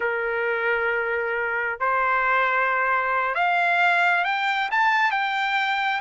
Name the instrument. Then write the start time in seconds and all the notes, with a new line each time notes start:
trumpet
0.00 A#4
1.79 C5
3.35 F5
4.24 G5
4.71 A5
5.11 G5